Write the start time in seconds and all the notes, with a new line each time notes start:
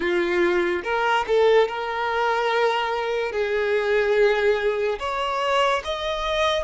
0.00 F4
0.83 A#4
1.27 A4
1.68 A#4
3.31 G#4
4.99 C#5
5.84 D#5